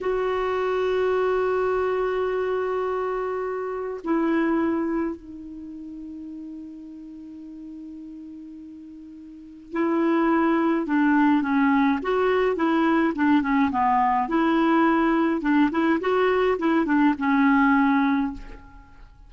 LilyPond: \new Staff \with { instrumentName = "clarinet" } { \time 4/4 \tempo 4 = 105 fis'1~ | fis'2. e'4~ | e'4 dis'2.~ | dis'1~ |
dis'4 e'2 d'4 | cis'4 fis'4 e'4 d'8 cis'8 | b4 e'2 d'8 e'8 | fis'4 e'8 d'8 cis'2 | }